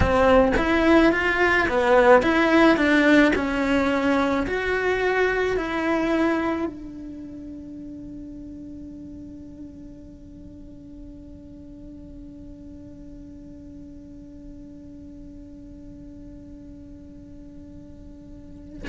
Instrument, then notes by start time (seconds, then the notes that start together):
cello
0.00 C4
0.57 E4
1.12 F4
1.68 B3
2.22 E4
2.76 D4
3.35 C#4
4.46 F#4
5.57 E4
6.66 D4